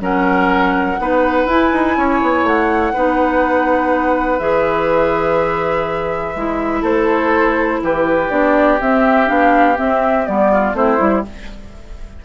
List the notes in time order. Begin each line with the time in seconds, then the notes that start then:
0.00 F#3 C#4 A#4 F#5
0.99 B3 D#4 B4
1.46 E4 G#5
1.73 D#4
1.97 C#4 C#5
2.22 B3
2.43 A3 F#5
2.93 B3 D#4 B4
4.39 E3 G#4 E5
6.35 G#3 E4
6.82 A3 A4 C5
7.82 E3 G4 B4
8.30 B3 D4 D5
8.81 C4 E5
9.26 B3 D4 F5
9.75 C4 E5
10.26 G3 B3 D5
10.52 F4
10.73 A3 C4 E4 C5
10.98 G3 E4